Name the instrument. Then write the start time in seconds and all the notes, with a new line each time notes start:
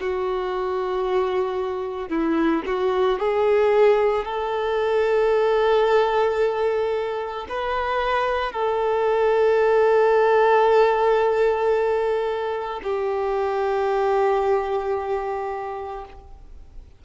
violin
0.00 F#4
2.09 E4
2.66 F#4
3.19 G#4
4.25 A4
7.49 B4
8.52 A4
12.83 G4